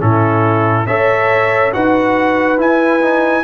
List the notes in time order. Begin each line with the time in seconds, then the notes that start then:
0.00 A2 C#4 E4 A4
0.87 C#4 A4 C#5 E5
1.73 D#4 F#4 B4 F#5
2.58 E4 G#5
3.01 D#4